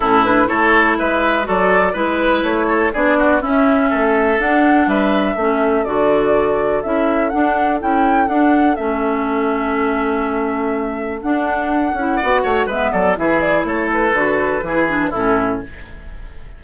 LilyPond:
<<
  \new Staff \with { instrumentName = "flute" } { \time 4/4 \tempo 4 = 123 a'8 b'8 cis''4 e''4 d''4 | b'4 cis''4 d''4 e''4~ | e''4 fis''4 e''2 | d''2 e''4 fis''4 |
g''4 fis''4 e''2~ | e''2. fis''4~ | fis''2 e''8 d''8 e''8 d''8 | cis''8 b'2~ b'8 a'4 | }
  \new Staff \with { instrumentName = "oboe" } { \time 4/4 e'4 a'4 b'4 a'4 | b'4. a'8 gis'8 fis'8 e'4 | a'2 b'4 a'4~ | a'1~ |
a'1~ | a'1~ | a'4 d''8 cis''8 b'8 a'8 gis'4 | a'2 gis'4 e'4 | }
  \new Staff \with { instrumentName = "clarinet" } { \time 4/4 cis'8 d'8 e'2 fis'4 | e'2 d'4 cis'4~ | cis'4 d'2 cis'4 | fis'2 e'4 d'4 |
e'4 d'4 cis'2~ | cis'2. d'4~ | d'8 e'8 fis'4 b4 e'4~ | e'4 fis'4 e'8 d'8 cis'4 | }
  \new Staff \with { instrumentName = "bassoon" } { \time 4/4 a,4 a4 gis4 fis4 | gis4 a4 b4 cis'4 | a4 d'4 g4 a4 | d2 cis'4 d'4 |
cis'4 d'4 a2~ | a2. d'4~ | d'8 cis'8 b8 a8 gis8 fis8 e4 | a4 d4 e4 a,4 | }
>>